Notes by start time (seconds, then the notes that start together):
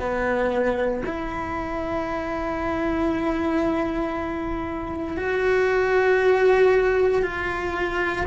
0.00 B3
1.06 E4
5.17 F#4
7.23 F4